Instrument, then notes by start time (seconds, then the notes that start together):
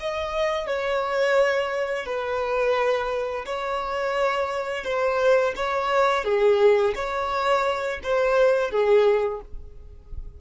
violin
0.00 D#5
0.67 C#5
2.06 B4
3.46 C#5
4.84 C5
5.56 C#5
6.24 G#4
6.95 C#5
8.03 C5
8.71 G#4